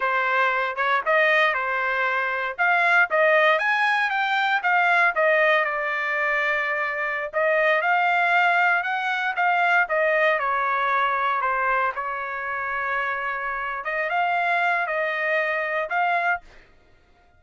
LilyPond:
\new Staff \with { instrumentName = "trumpet" } { \time 4/4 \tempo 4 = 117 c''4. cis''8 dis''4 c''4~ | c''4 f''4 dis''4 gis''4 | g''4 f''4 dis''4 d''4~ | d''2~ d''16 dis''4 f''8.~ |
f''4~ f''16 fis''4 f''4 dis''8.~ | dis''16 cis''2 c''4 cis''8.~ | cis''2. dis''8 f''8~ | f''4 dis''2 f''4 | }